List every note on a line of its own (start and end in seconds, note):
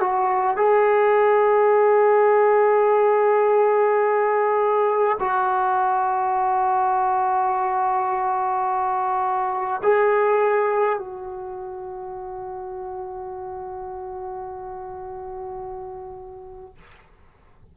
0.00 0.57 F#4
0.57 5.18 G#4
5.20 9.81 F#4
9.83 10.98 G#4
10.98 16.75 F#4